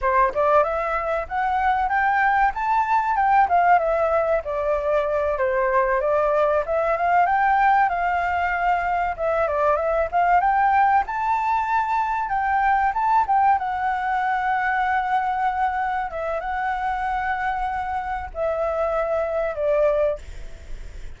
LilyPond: \new Staff \with { instrumentName = "flute" } { \time 4/4 \tempo 4 = 95 c''8 d''8 e''4 fis''4 g''4 | a''4 g''8 f''8 e''4 d''4~ | d''8 c''4 d''4 e''8 f''8 g''8~ | g''8 f''2 e''8 d''8 e''8 |
f''8 g''4 a''2 g''8~ | g''8 a''8 g''8 fis''2~ fis''8~ | fis''4. e''8 fis''2~ | fis''4 e''2 d''4 | }